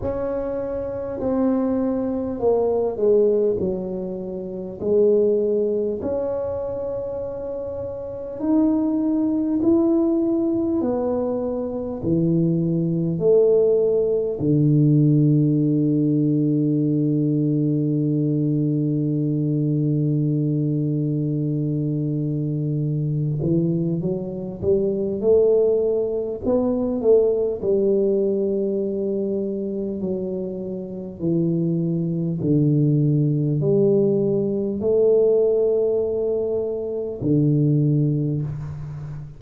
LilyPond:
\new Staff \with { instrumentName = "tuba" } { \time 4/4 \tempo 4 = 50 cis'4 c'4 ais8 gis8 fis4 | gis4 cis'2 dis'4 | e'4 b4 e4 a4 | d1~ |
d2.~ d8 e8 | fis8 g8 a4 b8 a8 g4~ | g4 fis4 e4 d4 | g4 a2 d4 | }